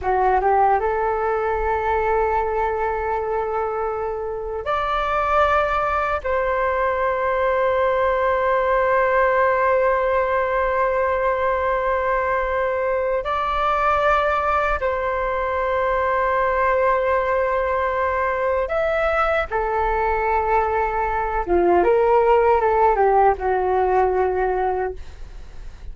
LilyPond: \new Staff \with { instrumentName = "flute" } { \time 4/4 \tempo 4 = 77 fis'8 g'8 a'2.~ | a'2 d''2 | c''1~ | c''1~ |
c''4 d''2 c''4~ | c''1 | e''4 a'2~ a'8 f'8 | ais'4 a'8 g'8 fis'2 | }